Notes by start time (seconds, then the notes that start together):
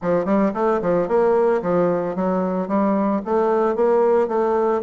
0.02 F3
0.25 G3
0.54 A3
0.81 F3
1.08 A#3
1.61 F3
2.15 F#3
2.67 G3
3.25 A3
3.75 A#3
4.27 A3